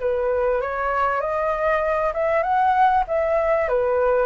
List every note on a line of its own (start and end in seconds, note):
0.00 0.61 B4
0.61 1.21 C#5
1.21 2.13 D#5
2.14 2.43 E5
2.43 3.04 F#5
3.08 3.68 E5
3.68 4.26 B4